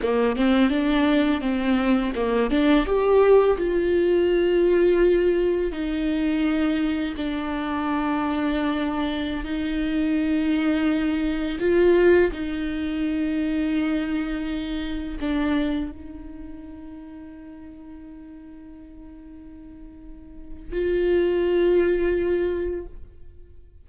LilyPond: \new Staff \with { instrumentName = "viola" } { \time 4/4 \tempo 4 = 84 ais8 c'8 d'4 c'4 ais8 d'8 | g'4 f'2. | dis'2 d'2~ | d'4~ d'16 dis'2~ dis'8.~ |
dis'16 f'4 dis'2~ dis'8.~ | dis'4~ dis'16 d'4 dis'4.~ dis'16~ | dis'1~ | dis'4 f'2. | }